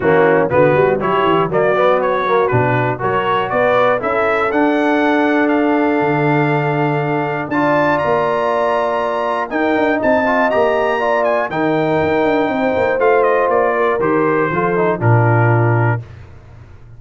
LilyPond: <<
  \new Staff \with { instrumentName = "trumpet" } { \time 4/4 \tempo 4 = 120 fis'4 b'4 cis''4 d''4 | cis''4 b'4 cis''4 d''4 | e''4 fis''2 f''4~ | f''2. a''4 |
ais''2. g''4 | a''4 ais''4. gis''8 g''4~ | g''2 f''8 dis''8 d''4 | c''2 ais'2 | }
  \new Staff \with { instrumentName = "horn" } { \time 4/4 cis'4 fis'4 g'4 fis'4~ | fis'2 ais'4 b'4 | a'1~ | a'2. d''4~ |
d''2. ais'4 | dis''2 d''4 ais'4~ | ais'4 c''2~ c''8 ais'8~ | ais'4 a'4 f'2 | }
  \new Staff \with { instrumentName = "trombone" } { \time 4/4 ais4 b4 e'4 ais8 b8~ | b8 ais8 d'4 fis'2 | e'4 d'2.~ | d'2. f'4~ |
f'2. dis'4~ | dis'8 f'8 g'4 f'4 dis'4~ | dis'2 f'2 | g'4 f'8 dis'8 d'2 | }
  \new Staff \with { instrumentName = "tuba" } { \time 4/4 e4 d8 g8 fis8 e8 fis4~ | fis4 b,4 fis4 b4 | cis'4 d'2. | d2. d'4 |
ais2. dis'8 d'8 | c'4 ais2 dis4 | dis'8 d'8 c'8 ais8 a4 ais4 | dis4 f4 ais,2 | }
>>